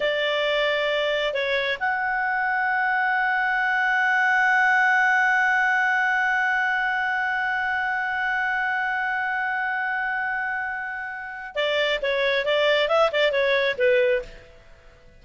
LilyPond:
\new Staff \with { instrumentName = "clarinet" } { \time 4/4 \tempo 4 = 135 d''2. cis''4 | fis''1~ | fis''1~ | fis''1~ |
fis''1~ | fis''1~ | fis''2 d''4 cis''4 | d''4 e''8 d''8 cis''4 b'4 | }